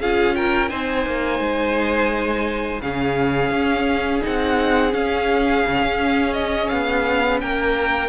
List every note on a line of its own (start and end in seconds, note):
0.00 0.71 C#4
0.00 0.70 F4
0.00 0.35 G#4
0.00 0.35 F5
0.35 0.70 A#4
0.35 0.69 G5
0.69 1.06 C4
0.69 2.82 D#4
0.69 2.82 C5
0.69 2.81 G#5
1.06 1.39 A#3
1.39 2.80 G#3
2.81 3.50 C#3
2.81 4.21 C#4
2.81 7.41 G#4
2.81 4.24 F5
3.50 4.21 C#4
4.21 4.94 C4
4.21 4.92 D#4
4.21 4.93 F#5
4.92 8.09 C#4
4.92 5.65 C#4
4.92 6.34 F5
5.66 5.82 C#3
5.82 6.70 C#4
6.34 6.69 D#5
6.69 7.42 B3
6.69 7.39 F5
7.40 8.09 A#3
7.40 8.09 A#4
7.40 8.09 G5